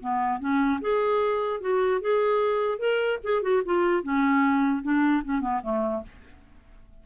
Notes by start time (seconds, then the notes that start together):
0.00 B3
0.39 C#4
0.81 G#4
1.60 F#4
2.01 G#4
2.78 A#4
3.23 G#4
3.42 F#4
3.65 F4
4.02 C#4
4.82 D4
5.24 C#4
5.40 B3
5.62 A3